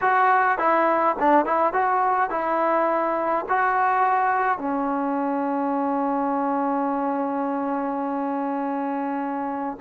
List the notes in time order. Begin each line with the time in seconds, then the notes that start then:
0.01 F#4
0.58 E4
1.19 D4
1.45 E4
1.73 F#4
2.30 E4
3.48 F#4
4.58 C#4